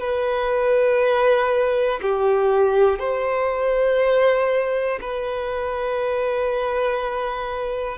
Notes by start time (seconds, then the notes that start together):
0.00 B4
2.02 G4
2.99 C5
5.00 B4